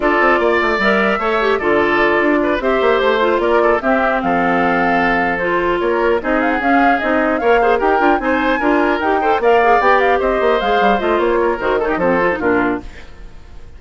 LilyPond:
<<
  \new Staff \with { instrumentName = "flute" } { \time 4/4 \tempo 4 = 150 d''2 e''2 | d''2~ d''8 e''4 c''8~ | c''8 d''4 e''4 f''4.~ | f''4. c''4 cis''4 dis''8 |
f''16 fis''16 f''4 dis''4 f''4 g''8~ | g''8 gis''2 g''4 f''8~ | f''8 g''8 f''8 dis''4 f''4 dis''8 | cis''4 c''8 cis''16 dis''16 c''4 ais'4 | }
  \new Staff \with { instrumentName = "oboe" } { \time 4/4 a'4 d''2 cis''4 | a'2 b'8 c''4.~ | c''8 ais'8 a'8 g'4 a'4.~ | a'2~ a'8 ais'4 gis'8~ |
gis'2~ gis'8 cis''8 c''8 ais'8~ | ais'8 c''4 ais'4. c''8 d''8~ | d''4. c''2~ c''8~ | c''8 ais'4 a'16 g'16 a'4 f'4 | }
  \new Staff \with { instrumentName = "clarinet" } { \time 4/4 f'2 ais'4 a'8 g'8 | f'2~ f'8 g'4. | f'4. c'2~ c'8~ | c'4. f'2 dis'8~ |
dis'8 cis'4 dis'4 ais'8 gis'8 g'8 | f'8 dis'4 f'4 g'8 a'8 ais'8 | gis'8 g'2 gis'4 f'8~ | f'4 fis'8 dis'8 c'8 f'16 dis'16 d'4 | }
  \new Staff \with { instrumentName = "bassoon" } { \time 4/4 d'8 c'8 ais8 a8 g4 a4 | d4. d'4 c'8 ais8 a8~ | a8 ais4 c'4 f4.~ | f2~ f8 ais4 c'8~ |
c'8 cis'4 c'4 ais4 dis'8 | d'8 c'4 d'4 dis'4 ais8~ | ais8 b4 c'8 ais8 gis8 g8 a8 | ais4 dis4 f4 ais,4 | }
>>